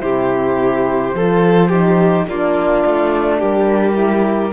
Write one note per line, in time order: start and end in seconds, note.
0.00 1.14 C3
0.00 1.13 E4
0.00 1.16 G4
0.00 2.27 C5
1.14 2.27 F3
1.14 1.71 F4
1.14 1.69 A4
1.69 2.28 D#4
1.69 2.26 G4
2.27 2.83 A#3
2.27 3.94 D4
2.27 3.39 F4
2.27 3.41 D5
2.87 3.42 A3
3.39 4.53 G3
3.39 4.52 G4
3.39 4.53 A#4
3.94 4.50 E4